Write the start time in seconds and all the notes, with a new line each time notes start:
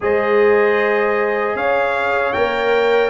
0.00 G#3 G#4 C5 D#5
1.54 C#4 C#5 F5
2.32 A#3 A#4 G5